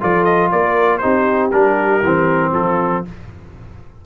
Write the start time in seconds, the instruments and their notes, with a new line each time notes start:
0.00 tuba F3, trombone F4, horn A4, trumpet D5
0.24 trumpet D#5
0.51 tuba A#3, horn A#4, trumpet D5
0.97 trombone D#4, horn G4, trumpet C5
1.04 tuba C4
1.51 tuba G3, trombone D4, trumpet A#4
2.03 tuba E3, trombone C4
2.51 tuba F3, horn F4, trumpet A4